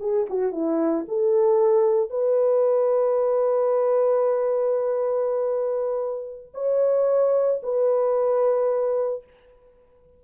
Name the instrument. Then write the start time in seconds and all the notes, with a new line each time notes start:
horn
0.00 G#4
0.29 F#4
0.52 E4
1.08 A4
2.10 B4
6.54 C#5
7.63 B4